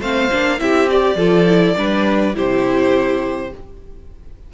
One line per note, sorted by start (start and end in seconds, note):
0.00 0.29 A3
0.00 0.31 C4
0.00 0.59 C5
0.00 0.60 F5
0.31 0.60 A#3
0.31 0.58 D4
0.58 1.15 C4
0.58 0.87 E4
0.58 1.17 G4
0.58 0.89 E5
0.90 1.18 G4
0.90 2.35 D5
1.15 1.73 F3
1.15 1.46 F4
1.15 1.75 A4
1.46 1.75 E4
1.76 2.35 G3
1.76 2.34 D4
1.76 2.35 B4
2.34 3.52 C3
2.34 3.51 E4
2.34 3.52 G4
2.34 3.53 C5